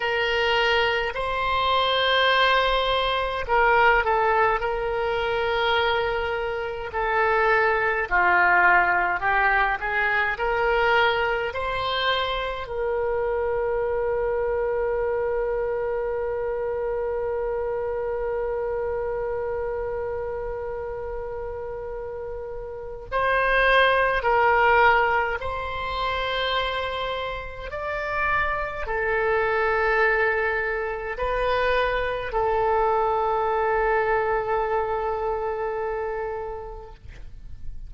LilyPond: \new Staff \with { instrumentName = "oboe" } { \time 4/4 \tempo 4 = 52 ais'4 c''2 ais'8 a'8 | ais'2 a'4 f'4 | g'8 gis'8 ais'4 c''4 ais'4~ | ais'1~ |
ais'1 | c''4 ais'4 c''2 | d''4 a'2 b'4 | a'1 | }